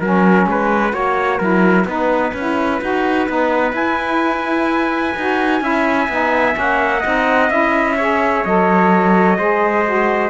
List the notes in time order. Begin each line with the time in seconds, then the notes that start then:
0.00 F#3 C#4 A#4 F#5
0.46 G#3 B4
0.92 A#3 F#4 C#5
1.38 F#3 E4 A#4
1.85 B3 D#4 B4
2.34 C#4 E4
2.81 D#4 F#4
3.28 B3 D#4
3.72 E4 G#5
5.16 D#4 F#4
5.61 C#4 E4 E5
6.08 B3 D#4
6.53 A#3 C#4 F#5
7.00 C4 D#4 D#5
7.50 C#4 E4 E5
7.96 G#4 C#5
8.45 F#3 A4 D#5
9.38 G#3 G#4 C5
9.85 F#4